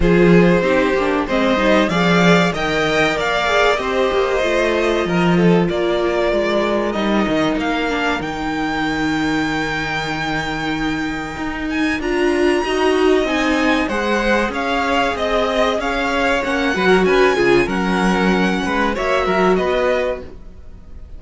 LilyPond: <<
  \new Staff \with { instrumentName = "violin" } { \time 4/4 \tempo 4 = 95 c''2 dis''4 f''4 | g''4 f''4 dis''2~ | dis''4 d''2 dis''4 | f''4 g''2.~ |
g''2~ g''8 gis''8 ais''4~ | ais''4 gis''4 fis''4 f''4 | dis''4 f''4 fis''4 gis''4 | fis''2 e''4 dis''4 | }
  \new Staff \with { instrumentName = "violin" } { \time 4/4 gis'4 g'4 c''4 d''4 | dis''4 d''4 c''2 | ais'8 a'8 ais'2.~ | ais'1~ |
ais'1 | dis''2 c''4 cis''4 | dis''4 cis''4. b'16 ais'16 b'8 gis'8 | ais'4. b'8 cis''8 ais'8 b'4 | }
  \new Staff \with { instrumentName = "viola" } { \time 4/4 f'4 dis'8 d'8 c'8 dis'8 gis'4 | ais'4. gis'8 g'4 f'4~ | f'2. dis'4~ | dis'8 d'8 dis'2.~ |
dis'2. f'4 | fis'4 dis'4 gis'2~ | gis'2 cis'8 fis'4 f'8 | cis'2 fis'2 | }
  \new Staff \with { instrumentName = "cello" } { \time 4/4 f4 c'8 ais8 gis8 g8 f4 | dis4 ais4 c'8 ais8 a4 | f4 ais4 gis4 g8 dis8 | ais4 dis2.~ |
dis2 dis'4 d'4 | dis'4 c'4 gis4 cis'4 | c'4 cis'4 ais8 fis8 cis'8 cis8 | fis4. gis8 ais8 fis8 b4 | }
>>